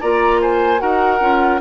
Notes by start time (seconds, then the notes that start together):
0.00 A#3 F4 D5 A#5
0.41 C5 G#5
0.78 D#4 F#4 A#4 F#5
1.20 C#4 F4